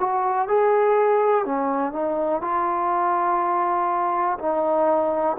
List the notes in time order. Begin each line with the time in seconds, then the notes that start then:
0.00 F#4
0.48 G#4
1.46 C#4
1.93 D#4
2.42 F4
4.39 D#4